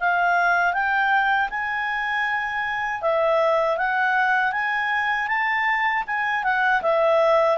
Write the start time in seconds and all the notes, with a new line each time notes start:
0.00 F5
0.73 G5
1.50 G#5
3.02 E5
3.77 F#5
4.52 G#5
5.28 A5
6.07 G#5
6.43 F#5
6.82 E5